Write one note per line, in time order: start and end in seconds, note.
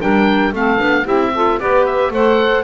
0.00 0.53 G3
0.00 0.53 D4
0.00 0.54 A#4
0.00 0.54 G5
0.53 0.79 A3
0.53 0.78 C4
0.53 1.03 A4
0.53 1.07 F5
0.78 1.05 B3
0.78 1.04 D4
1.03 1.58 C4
1.03 1.31 E4
1.03 1.30 G4
1.03 1.60 E5
1.34 1.60 F4
1.34 1.59 A4
1.59 2.10 B3
1.59 2.13 G4
1.59 2.12 B4
1.59 1.85 D5
1.85 2.12 E5
2.10 2.63 A3
2.10 2.64 A4
2.10 2.64 C5
2.10 2.64 F#5